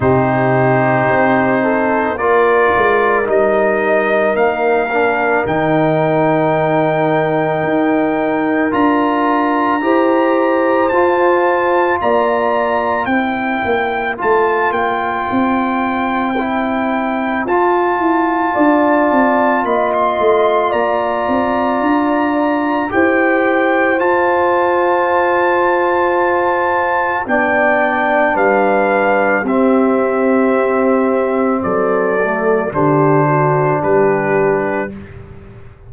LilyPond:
<<
  \new Staff \with { instrumentName = "trumpet" } { \time 4/4 \tempo 4 = 55 c''2 d''4 dis''4 | f''4 g''2. | ais''2 a''4 ais''4 | g''4 a''8 g''2~ g''8 |
a''2 b''16 c'''8. ais''4~ | ais''4 g''4 a''2~ | a''4 g''4 f''4 e''4~ | e''4 d''4 c''4 b'4 | }
  \new Staff \with { instrumentName = "horn" } { \time 4/4 g'4. a'8 ais'2~ | ais'1~ | ais'4 c''2 d''4 | c''1~ |
c''4 d''4 dis''4 d''4~ | d''4 c''2.~ | c''4 d''4 b'4 g'4~ | g'4 a'4 g'8 fis'8 g'4 | }
  \new Staff \with { instrumentName = "trombone" } { \time 4/4 dis'2 f'4 dis'4~ | dis'8 d'8 dis'2. | f'4 g'4 f'2 | e'4 f'2 e'4 |
f'1~ | f'4 g'4 f'2~ | f'4 d'2 c'4~ | c'4. a8 d'2 | }
  \new Staff \with { instrumentName = "tuba" } { \time 4/4 c4 c'4 ais8 gis8 g4 | ais4 dis2 dis'4 | d'4 e'4 f'4 ais4 | c'8 ais8 a8 ais8 c'2 |
f'8 e'8 d'8 c'8 ais8 a8 ais8 c'8 | d'4 e'4 f'2~ | f'4 b4 g4 c'4~ | c'4 fis4 d4 g4 | }
>>